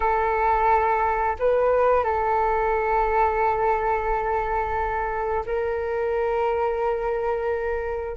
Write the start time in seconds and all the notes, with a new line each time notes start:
0.00 A4
1.39 B4
2.04 A4
5.45 A#4